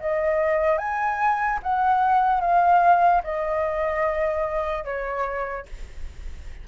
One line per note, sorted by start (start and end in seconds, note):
0.00 0.78 D#5
0.78 1.59 G#5
1.63 2.41 F#5
2.41 3.22 F5
3.23 4.84 D#5
4.84 5.65 C#5